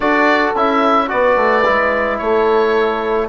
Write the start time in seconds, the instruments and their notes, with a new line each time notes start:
0.00 bassoon D4, trombone F#4, horn A4, oboe D5
0.54 bassoon C#4, trombone E4, oboe E5
1.08 bassoon B3, trombone F#4, horn B4, oboe D5
1.36 bassoon A3
1.65 bassoon G#3, trombone E4
2.18 bassoon A3, horn A4, oboe C#5